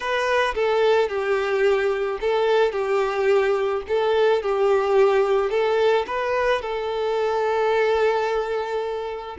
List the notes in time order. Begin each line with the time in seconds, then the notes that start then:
0.00 B4
0.54 A4
1.08 G4
2.20 A4
2.71 G4
3.88 A4
4.42 G4
5.50 A4
6.07 B4
6.61 A4